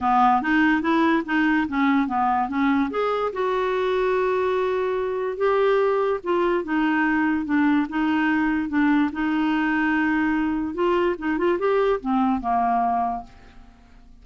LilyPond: \new Staff \with { instrumentName = "clarinet" } { \time 4/4 \tempo 4 = 145 b4 dis'4 e'4 dis'4 | cis'4 b4 cis'4 gis'4 | fis'1~ | fis'4 g'2 f'4 |
dis'2 d'4 dis'4~ | dis'4 d'4 dis'2~ | dis'2 f'4 dis'8 f'8 | g'4 c'4 ais2 | }